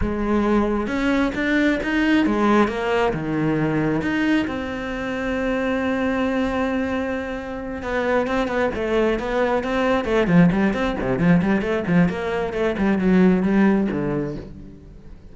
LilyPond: \new Staff \with { instrumentName = "cello" } { \time 4/4 \tempo 4 = 134 gis2 cis'4 d'4 | dis'4 gis4 ais4 dis4~ | dis4 dis'4 c'2~ | c'1~ |
c'4. b4 c'8 b8 a8~ | a8 b4 c'4 a8 f8 g8 | c'8 c8 f8 g8 a8 f8 ais4 | a8 g8 fis4 g4 d4 | }